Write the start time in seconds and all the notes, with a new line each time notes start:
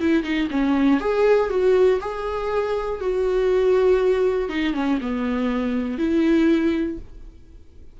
0.00 E4
0.23 D#4
0.50 C#4
1.00 G#4
1.50 F#4
2.00 G#4
3.01 F#4
4.49 D#4
4.74 C#4
5.01 B3
5.98 E4